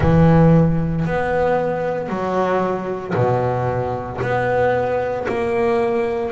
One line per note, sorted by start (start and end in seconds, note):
0.00 1.05 E3
1.05 2.08 B3
2.08 3.13 F#3
3.14 4.20 B2
4.21 5.26 B3
5.28 6.32 A#3